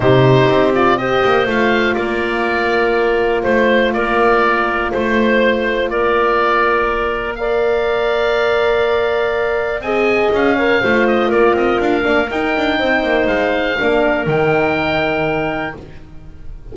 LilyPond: <<
  \new Staff \with { instrumentName = "oboe" } { \time 4/4 \tempo 4 = 122 c''4. d''8 dis''4 f''4 | d''2. c''4 | d''2 c''2 | d''2. f''4~ |
f''1 | gis''4 f''4. dis''8 d''8 dis''8 | f''4 g''2 f''4~ | f''4 g''2. | }
  \new Staff \with { instrumentName = "clarinet" } { \time 4/4 g'2 c''2 | ais'2. c''4 | ais'2 c''2 | ais'2. d''4~ |
d''1 | dis''4. cis''8 c''4 ais'4~ | ais'2 c''2 | ais'1 | }
  \new Staff \with { instrumentName = "horn" } { \time 4/4 dis'4. f'8 g'4 f'4~ | f'1~ | f'1~ | f'2. ais'4~ |
ais'1 | gis'4. ais'8 f'2~ | f'8 d'8 dis'2. | d'4 dis'2. | }
  \new Staff \with { instrumentName = "double bass" } { \time 4/4 c4 c'4. ais8 a4 | ais2. a4 | ais2 a2 | ais1~ |
ais1 | c'4 cis'4 a4 ais8 c'8 | d'8 ais8 dis'8 d'8 c'8 ais8 gis4 | ais4 dis2. | }
>>